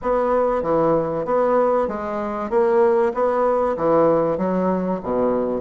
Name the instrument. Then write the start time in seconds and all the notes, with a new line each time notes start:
bassoon
0.02 B3
0.62 E3
1.25 B3
1.88 G#3
2.49 A#3
3.14 B3
3.76 E3
4.38 F#3
5.03 B2